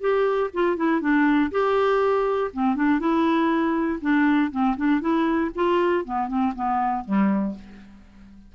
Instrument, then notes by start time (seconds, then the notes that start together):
clarinet
0.00 G4
0.53 F4
0.76 E4
1.00 D4
1.51 G4
2.53 C4
2.75 D4
2.99 E4
4.01 D4
4.51 C4
4.76 D4
5.00 E4
5.55 F4
6.04 B3
6.28 C4
6.55 B3
7.05 G3